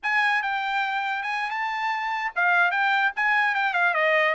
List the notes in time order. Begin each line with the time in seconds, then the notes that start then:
0.02 G#5
0.42 G5
1.23 G#5
1.50 A5
2.35 F5
2.71 G5
3.15 G#5
3.54 G5
3.73 F5
3.94 D#5